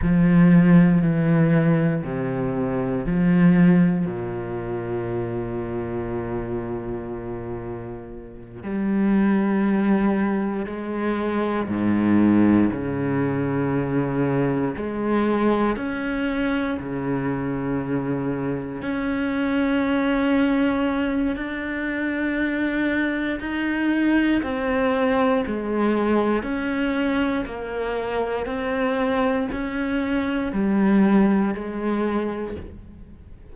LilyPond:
\new Staff \with { instrumentName = "cello" } { \time 4/4 \tempo 4 = 59 f4 e4 c4 f4 | ais,1~ | ais,8 g2 gis4 gis,8~ | gis,8 cis2 gis4 cis'8~ |
cis'8 cis2 cis'4.~ | cis'4 d'2 dis'4 | c'4 gis4 cis'4 ais4 | c'4 cis'4 g4 gis4 | }